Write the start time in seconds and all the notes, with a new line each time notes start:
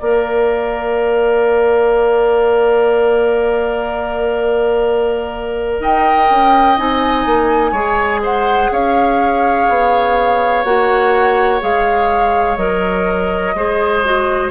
0.00 A#3 A#4 D5 F5
5.80 D#4 D#5 G5
6.30 C#4
6.78 C4 D#4 G#5
7.26 A#3
7.72 G#3 G#4 C#5
8.23 C5 F#5
8.72 C#4 C#5 F5
9.69 B3
10.64 A#3 F#4 F#5
11.61 G#3 G#4 F5
12.57 F#3 A#4 D#5
13.55 G#3 G#4 C5
14.05 F#4